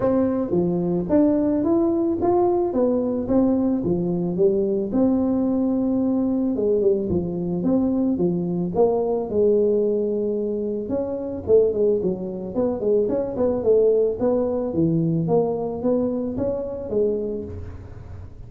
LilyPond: \new Staff \with { instrumentName = "tuba" } { \time 4/4 \tempo 4 = 110 c'4 f4 d'4 e'4 | f'4 b4 c'4 f4 | g4 c'2. | gis8 g8 f4 c'4 f4 |
ais4 gis2. | cis'4 a8 gis8 fis4 b8 gis8 | cis'8 b8 a4 b4 e4 | ais4 b4 cis'4 gis4 | }